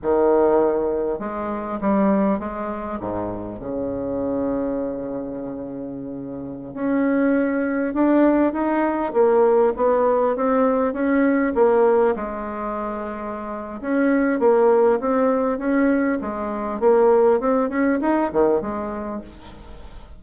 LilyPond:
\new Staff \with { instrumentName = "bassoon" } { \time 4/4 \tempo 4 = 100 dis2 gis4 g4 | gis4 gis,4 cis2~ | cis2.~ cis16 cis'8.~ | cis'4~ cis'16 d'4 dis'4 ais8.~ |
ais16 b4 c'4 cis'4 ais8.~ | ais16 gis2~ gis8. cis'4 | ais4 c'4 cis'4 gis4 | ais4 c'8 cis'8 dis'8 dis8 gis4 | }